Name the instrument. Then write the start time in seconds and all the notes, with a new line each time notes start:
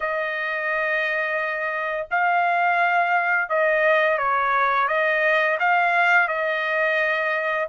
trumpet
0.00 D#5
2.11 F5
3.49 D#5
4.18 C#5
4.88 D#5
5.59 F5
6.28 D#5